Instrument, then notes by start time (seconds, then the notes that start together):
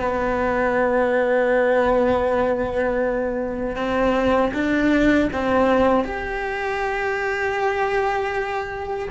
cello
0.00 B3
3.77 C4
4.54 D4
5.33 C4
6.05 G4